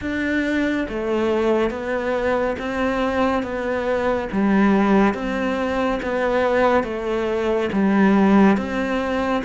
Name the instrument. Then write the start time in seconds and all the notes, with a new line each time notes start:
cello
0.01 D4
0.88 A3
1.70 B3
2.58 C4
3.42 B3
4.31 G3
5.14 C4
6.02 B3
6.83 A3
7.72 G3
8.57 C4